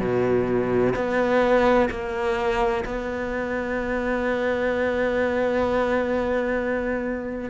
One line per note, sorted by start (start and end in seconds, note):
0.00 0.94 B2
0.95 1.89 B3
1.90 2.84 A#3
2.85 7.50 B3